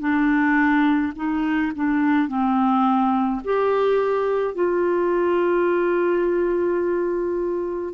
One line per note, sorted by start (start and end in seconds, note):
0.00 1.13 D4
1.16 1.72 D#4
1.75 2.28 D4
2.28 3.42 C4
3.44 4.54 G4
4.54 7.94 F4